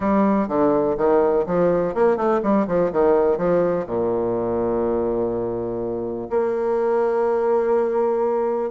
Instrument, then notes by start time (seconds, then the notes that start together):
bassoon
0.00 G3
0.48 D3
0.97 D#3
1.46 F3
1.94 A#3
2.16 A3
2.42 G3
2.67 F3
2.92 D#3
3.37 F3
3.86 A#2
6.29 A#3